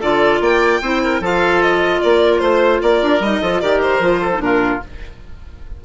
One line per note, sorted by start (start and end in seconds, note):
0.00 0.40 D3
0.00 0.82 F4
0.00 0.40 A4
0.00 0.42 D5
0.40 0.80 A#3
0.40 0.81 D5
0.40 1.23 G5
0.81 1.20 C4
0.81 1.22 E4
0.81 1.02 C5
1.04 1.21 A#4
1.20 2.00 F3
1.20 3.22 F4
1.20 2.01 A4
1.20 1.62 F5
1.62 2.01 D#5
2.01 2.40 A#3
2.01 2.42 A#4
2.01 2.38 D5
2.38 2.80 A3
2.38 2.78 C5
2.38 2.82 C5
2.82 3.02 A#3
2.82 3.41 A#4
2.82 3.22 D5
3.02 3.20 D4
3.20 3.40 G3
3.20 3.43 D#4
3.20 3.60 D#5
3.41 3.62 F3
3.41 3.62 F4
3.41 3.61 A4
3.60 3.99 D#3
3.60 4.01 G4
3.60 4.21 A#4
3.60 3.80 D5
3.81 4.41 C5
3.99 4.39 F3
3.99 4.31 F4
4.21 4.41 A4
4.33 4.39 D#4
4.39 4.79 A#2
4.39 4.79 D4
4.39 4.84 F4
4.39 4.81 A#4